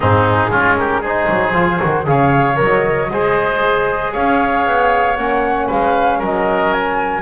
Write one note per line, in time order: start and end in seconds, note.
0.00 0.50 G#2
0.00 0.48 C4
0.00 0.50 D#4
0.00 0.76 G#4
0.50 1.27 G#3
0.50 1.04 C#4
0.50 0.76 F4
0.76 1.01 G4
0.76 1.02 A#4
1.01 1.54 D#4
1.01 2.04 G#4
1.01 2.06 C5
1.29 1.53 F#3
1.53 1.79 F3
1.53 1.80 F4
1.80 2.07 D#3
1.80 2.04 F#4
2.04 2.59 C#3
2.04 2.55 G#4
2.04 3.12 C#5
2.04 2.58 F5
2.55 3.10 F#3
2.55 3.07 A#4
2.62 4.13 D#5
3.10 4.13 G#3
3.10 5.17 G#4
3.10 4.12 C5
4.12 4.66 C#4
4.12 5.66 C#5
4.12 5.16 F5
4.66 5.17 B3
5.16 5.69 A#3
5.16 7.21 C#4
5.16 5.68 F#5
5.66 6.20 G#3
5.66 6.18 B4
5.66 6.22 F5
6.18 7.21 F#3
6.18 7.21 A#4
6.18 6.72 D#5
6.72 7.21 G#5